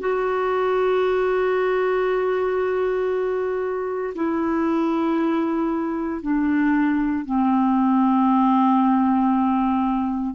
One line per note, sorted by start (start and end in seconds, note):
0.00 4.14 F#4
4.15 6.22 E4
6.22 7.25 D4
7.25 10.34 C4